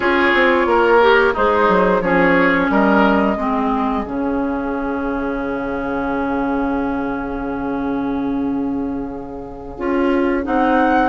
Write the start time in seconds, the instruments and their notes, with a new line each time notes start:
0.00 bassoon C#4, clarinet F4, oboe G#4, flute C#5
0.33 bassoon C4
0.66 bassoon A#3, oboe A#4
1.00 clarinet G4
1.33 bassoon G#3, oboe D#4, clarinet G#4, flute C5
1.68 bassoon F#3
2.01 bassoon F3, clarinet C#4, oboe G#4, flute C#5
2.69 bassoon G3, oboe A#4, flute D#5
3.36 bassoon G#3, clarinet C4, oboe G#4
4.05 bassoon C#3, clarinet C#4, flute F5
9.78 bassoon C#4, clarinet F4
10.43 bassoon C4, clarinet D#4, flute F#5